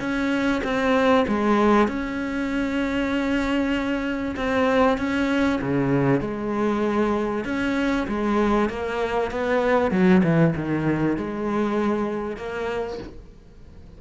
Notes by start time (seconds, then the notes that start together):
0.00 C#4
0.64 C4
1.28 G#3
1.88 C#4
4.36 C4
4.98 C#4
5.61 C#3
6.21 G#3
7.45 C#4
8.08 G#3
8.70 A#3
9.31 B3
9.91 F#3
10.23 E3
10.56 D#3
11.17 G#3
12.37 A#3